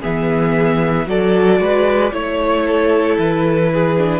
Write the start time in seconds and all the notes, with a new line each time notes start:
0.00 E3 B3 G#4 E5
1.05 F#3 F#4 A4 D5
1.59 G#3 B4
2.11 A3 E4 C#5
2.67 A4
3.18 E3 B4
3.73 G#4
3.97 D4